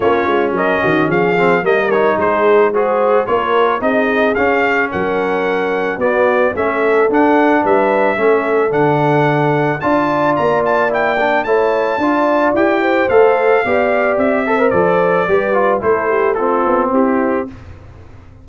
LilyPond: <<
  \new Staff \with { instrumentName = "trumpet" } { \time 4/4 \tempo 4 = 110 cis''4 dis''4 f''4 dis''8 cis''8 | c''4 gis'4 cis''4 dis''4 | f''4 fis''2 d''4 | e''4 fis''4 e''2 |
fis''2 a''4 ais''8 a''8 | g''4 a''2 g''4 | f''2 e''4 d''4~ | d''4 c''4 a'4 g'4 | }
  \new Staff \with { instrumentName = "horn" } { \time 4/4 f'4 ais'8 fis'8 gis'4 ais'4 | gis'4 c''4 ais'4 gis'4~ | gis'4 ais'2 fis'4 | a'2 b'4 a'4~ |
a'2 d''2~ | d''4 cis''4 d''4. c''8~ | c''4 d''4. c''4. | b'4 a'8 g'8 f'4 e'4 | }
  \new Staff \with { instrumentName = "trombone" } { \time 4/4 cis'2~ cis'8 c'8 ais8 dis'8~ | dis'4 fis'4 f'4 dis'4 | cis'2. b4 | cis'4 d'2 cis'4 |
d'2 f'2 | e'8 d'8 e'4 f'4 g'4 | a'4 g'4. a'16 ais'16 a'4 | g'8 f'8 e'4 c'2 | }
  \new Staff \with { instrumentName = "tuba" } { \time 4/4 ais8 gis8 fis8 dis8 f4 g4 | gis2 ais4 c'4 | cis'4 fis2 b4 | a4 d'4 g4 a4 |
d2 d'4 ais4~ | ais4 a4 d'4 e'4 | a4 b4 c'4 f4 | g4 a4. b8 c'4 | }
>>